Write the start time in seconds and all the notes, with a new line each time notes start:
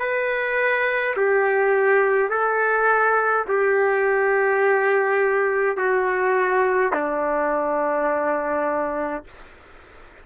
0.00 B4
1.17 G4
2.30 A4
3.49 G4
5.77 F#4
6.94 D4